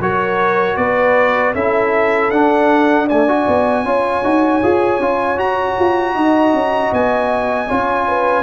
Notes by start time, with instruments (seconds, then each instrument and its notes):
0.00 tuba F#3, trombone F#4, horn A#4, trumpet C#5
0.76 tuba B3, horn B4, trumpet D5
1.54 tuba C#4, trombone E4, horn A4, trumpet E5
2.30 tuba D4, trombone D4, trumpet F#5
3.07 trombone A3, horn D5, trumpet G#5
3.28 trombone F#4
3.47 tuba B3
3.84 tuba C#4, trombone F4, horn C#5
4.23 tuba D#4, trombone F#4
4.62 tuba F4, trombone G#4
4.99 tuba C#4, trombone F4
5.36 tuba F#4, trombone F#4, trumpet A#5
5.79 tuba F4
6.15 tuba D#4, horn D#5
6.53 tuba C#4
6.92 tuba B3, trumpet G#5
7.68 tuba C#4, trombone F4, horn C#5
8.08 horn B4